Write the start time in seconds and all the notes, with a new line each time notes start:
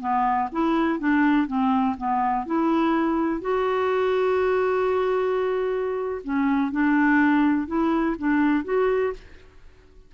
0.00 B3
0.52 E4
1.00 D4
1.47 C4
1.97 B3
2.46 E4
3.41 F#4
6.24 C#4
6.72 D4
7.67 E4
8.19 D4
8.65 F#4